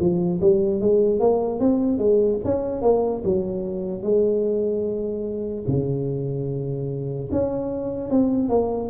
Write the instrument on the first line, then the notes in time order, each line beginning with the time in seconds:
tuba
0.00 F3
0.41 G3
0.81 G#3
1.20 A#3
1.60 C4
1.99 G#3
2.45 C#4
2.82 A#3
3.25 F#3
4.03 G#3
5.68 C#3
7.32 C#4
8.10 C4
8.50 A#3